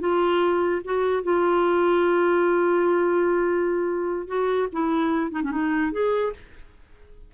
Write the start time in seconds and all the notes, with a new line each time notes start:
0.00 F4
0.85 F#4
1.24 F4
4.28 F#4
4.73 E4
5.31 D#4
5.43 C#4
5.51 D#4
5.92 G#4